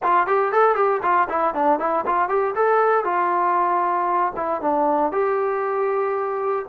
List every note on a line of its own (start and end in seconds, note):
0.02 0.27 F4
0.27 0.52 G4
0.52 0.75 A4
0.75 1.01 G4
1.02 1.28 F4
1.29 1.54 E4
1.54 1.79 D4
1.79 2.05 E4
2.05 2.28 F4
2.28 2.54 G4
2.55 3.04 A4
3.04 4.32 F4
4.36 4.61 E4
4.61 5.11 D4
5.11 6.65 G4